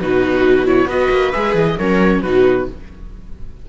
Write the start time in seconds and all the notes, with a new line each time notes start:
0.00 B2 D#4 F#4 B4
0.66 E4 C#5
0.86 B3 F#4 B4 D#5
1.11 A#3
1.32 G#3 G#4 E5
1.55 E3 D#5
1.79 F#3 C#4 A#4 C#5
2.22 B2 D#4 F#4 B4